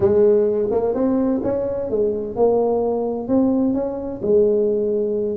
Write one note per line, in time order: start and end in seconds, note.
0.00 0.68 G#3
0.70 0.94 A#3
0.94 1.41 C4
1.43 1.90 C#4
1.90 2.35 G#3
2.35 3.28 A#3
3.28 3.74 C4
3.74 4.20 C#4
4.22 5.37 G#3